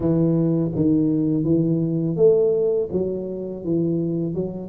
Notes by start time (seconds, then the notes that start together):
0.00 E3
0.75 D#3
1.44 E3
2.16 A3
2.91 F#3
3.64 E3
4.34 F#3